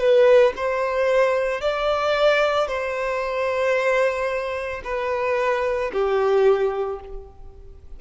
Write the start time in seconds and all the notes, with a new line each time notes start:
0.00 B4
0.56 C5
1.61 D5
2.68 C5
4.85 B4
5.93 G4